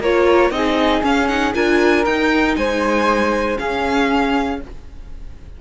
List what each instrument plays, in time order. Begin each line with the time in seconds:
0.00 cello A#3, viola F4, flute A#4, violin C#5
0.51 cello C4, viola D#4, flute G#4, violin D#5
1.03 viola C#4, cello C#4, violin F5
1.28 viola D#4, violin F#5
1.54 cello D4, viola F4, flute A#4, violin G#5
2.05 cello D#4, viola D#4, violin G5
2.56 cello G#3, flute C5, violin G#5
3.57 viola C#4, cello C#4, flute G#4, violin F5